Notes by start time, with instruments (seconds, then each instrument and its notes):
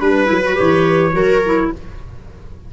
0.00 tuba G3, clarinet D4, trumpet B4, viola B4
0.26 tuba F#3, clarinet E4
0.45 clarinet F#4
0.55 tuba E3, clarinet G4, trumpet C#5
1.13 tuba F#3, clarinet F#4, viola A#4
1.45 clarinet E4